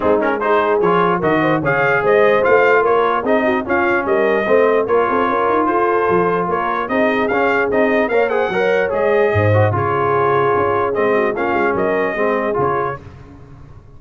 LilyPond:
<<
  \new Staff \with { instrumentName = "trumpet" } { \time 4/4 \tempo 4 = 148 gis'8 ais'8 c''4 cis''4 dis''4 | f''4 dis''4 f''4 cis''4 | dis''4 f''4 dis''2 | cis''2 c''2 |
cis''4 dis''4 f''4 dis''4 | f''8 fis''4. dis''2 | cis''2. dis''4 | f''4 dis''2 cis''4 | }
  \new Staff \with { instrumentName = "horn" } { \time 4/4 dis'4 gis'2 ais'8 c''8 | cis''4 c''2 ais'4 | gis'8 fis'8 f'4 ais'4 c''4 | ais'8 a'8 ais'4 a'2 |
ais'4 gis'2. | cis''8 c''8 cis''2 c''4 | gis'2.~ gis'8 fis'8 | f'4 ais'4 gis'2 | }
  \new Staff \with { instrumentName = "trombone" } { \time 4/4 c'8 cis'8 dis'4 f'4 fis'4 | gis'2 f'2 | dis'4 cis'2 c'4 | f'1~ |
f'4 dis'4 cis'4 dis'4 | ais'8 gis'8 ais'4 gis'4. fis'8 | f'2. c'4 | cis'2 c'4 f'4 | }
  \new Staff \with { instrumentName = "tuba" } { \time 4/4 gis2 f4 dis4 | cis4 gis4 a4 ais4 | c'4 cis'4 g4 a4 | ais8 c'8 cis'8 dis'8 f'4 f4 |
ais4 c'4 cis'4 c'4 | ais4 fis4 gis4 gis,4 | cis2 cis'4 gis4 | ais8 gis8 fis4 gis4 cis4 | }
>>